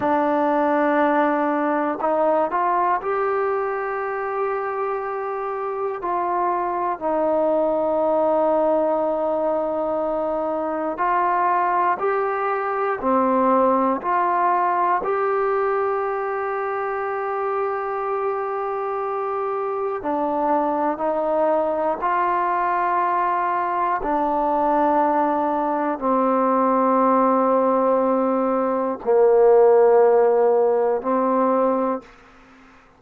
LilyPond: \new Staff \with { instrumentName = "trombone" } { \time 4/4 \tempo 4 = 60 d'2 dis'8 f'8 g'4~ | g'2 f'4 dis'4~ | dis'2. f'4 | g'4 c'4 f'4 g'4~ |
g'1 | d'4 dis'4 f'2 | d'2 c'2~ | c'4 ais2 c'4 | }